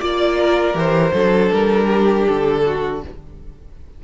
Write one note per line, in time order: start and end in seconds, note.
0.00 0.74 A#3
0.00 0.73 F4
0.00 0.38 D5
0.00 0.77 D5
0.39 1.13 A#4
0.73 1.12 E3
0.73 1.11 G4
0.73 1.52 C5
1.13 1.51 F#3
1.13 3.03 D4
1.13 1.87 A4
1.52 2.27 G3
1.52 2.27 A#4
1.87 2.62 G4
2.27 3.04 D3
2.27 3.02 A4
2.66 3.04 F#4